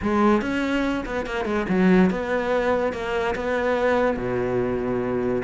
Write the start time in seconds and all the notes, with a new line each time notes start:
0.02 G#3
0.41 C#4
1.05 B3
1.26 A#3
1.45 G#3
1.68 F#3
2.10 B3
2.92 A#3
3.35 B3
4.16 B2